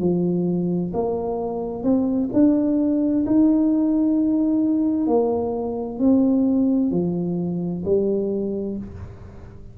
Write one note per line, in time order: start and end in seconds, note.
0.00 0.92 F3
0.93 1.83 A#3
1.83 2.30 C4
2.33 3.25 D4
3.26 5.07 D#4
5.07 5.99 A#3
5.99 6.91 C4
6.91 7.83 F3
7.85 8.77 G3